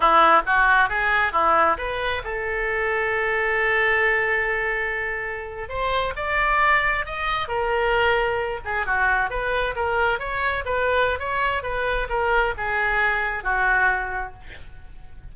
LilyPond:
\new Staff \with { instrumentName = "oboe" } { \time 4/4 \tempo 4 = 134 e'4 fis'4 gis'4 e'4 | b'4 a'2.~ | a'1~ | a'8. c''4 d''2 dis''16~ |
dis''8. ais'2~ ais'8 gis'8 fis'16~ | fis'8. b'4 ais'4 cis''4 b'16~ | b'4 cis''4 b'4 ais'4 | gis'2 fis'2 | }